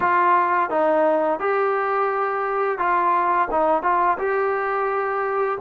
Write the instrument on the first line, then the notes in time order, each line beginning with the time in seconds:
trombone
0.00 F4
0.70 D#4
1.40 G4
2.78 F4
3.50 D#4
3.82 F4
4.18 G4